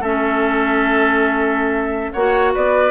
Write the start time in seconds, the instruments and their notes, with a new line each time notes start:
0.00 bassoon A3, clarinet C#4, oboe A4, flute E5
2.12 bassoon A#3, clarinet F#4, oboe C#5, flute F#5
2.54 bassoon B3, oboe B4, flute D5